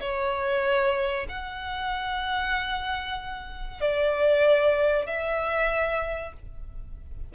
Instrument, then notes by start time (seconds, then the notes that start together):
violin
0.00 C#5
1.28 F#5
3.80 D5
5.06 E5